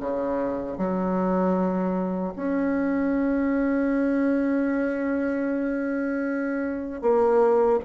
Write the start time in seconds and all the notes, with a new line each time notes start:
0.00 C#3
0.78 F#3
2.36 C#4
7.02 A#3